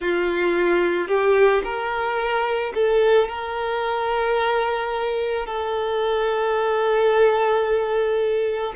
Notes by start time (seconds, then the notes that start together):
0.00 F4
1.07 G4
1.64 A#4
2.74 A4
3.28 A#4
5.45 A4